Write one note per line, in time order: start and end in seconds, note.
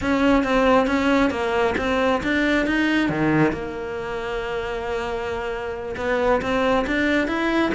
0.01 0.43 C#4
0.43 0.87 C4
0.87 1.30 C#4
1.30 1.74 A#3
1.77 2.21 C4
2.23 2.66 D4
2.66 3.09 D#4
3.09 3.52 D#3
3.52 5.95 A#3
5.97 6.41 B3
6.41 6.85 C4
6.86 7.27 D4
7.27 7.71 E4